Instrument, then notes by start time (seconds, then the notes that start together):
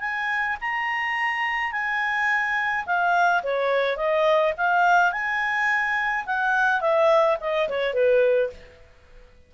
clarinet
0.00 G#5
0.61 A#5
1.72 G#5
2.86 F5
3.43 C#5
3.97 D#5
4.57 F5
5.12 G#5
6.26 F#5
6.81 E5
7.40 D#5
7.69 C#5
7.93 B4